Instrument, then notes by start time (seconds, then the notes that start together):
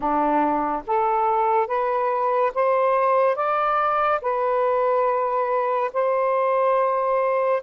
saxophone
0.00 D4
0.86 A4
1.67 B4
2.54 C5
3.35 D5
4.21 B4
5.93 C5